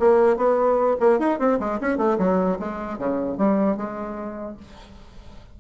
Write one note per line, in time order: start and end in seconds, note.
0.00 0.37 A#3
0.37 0.97 B3
1.00 1.19 A#3
1.19 1.39 D#4
1.40 1.60 C4
1.60 1.80 G#3
1.81 1.98 C#4
1.98 2.18 A3
2.19 2.59 F#3
2.60 2.99 G#3
2.99 3.38 C#3
3.38 3.77 G3
3.77 4.57 G#3